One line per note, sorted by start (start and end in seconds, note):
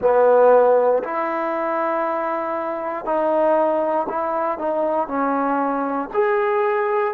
0.01 1.03 B3
1.03 3.05 E4
3.05 4.06 D#4
4.08 4.58 E4
4.58 5.07 D#4
5.07 6.09 C#4
6.13 7.14 G#4